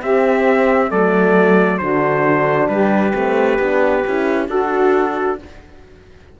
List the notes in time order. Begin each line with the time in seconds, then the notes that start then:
0.00 C4 G4 E5
0.89 F#3 A3 A4 D5
1.78 D3 D4 F#4 C5
2.68 G3 G4 B4
3.13 A3 C4
3.59 B3 D4
4.07 C#4 E4
4.48 D4 F#4 A4